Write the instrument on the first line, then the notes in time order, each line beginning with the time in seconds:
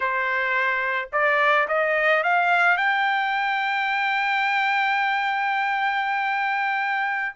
trumpet
0.00 C5
1.12 D5
1.68 D#5
2.23 F5
2.77 G5